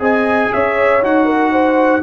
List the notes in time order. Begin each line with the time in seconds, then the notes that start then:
0.00 C4 G#4 D#5 G#5
0.53 C#4 C#5 E5
1.02 D#4 F#4 F#5
1.26 A#4
1.52 C5